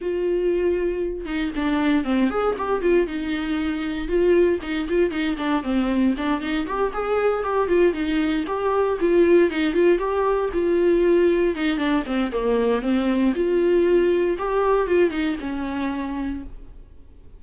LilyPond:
\new Staff \with { instrumentName = "viola" } { \time 4/4 \tempo 4 = 117 f'2~ f'8 dis'8 d'4 | c'8 gis'8 g'8 f'8 dis'2 | f'4 dis'8 f'8 dis'8 d'8 c'4 | d'8 dis'8 g'8 gis'4 g'8 f'8 dis'8~ |
dis'8 g'4 f'4 dis'8 f'8 g'8~ | g'8 f'2 dis'8 d'8 c'8 | ais4 c'4 f'2 | g'4 f'8 dis'8 cis'2 | }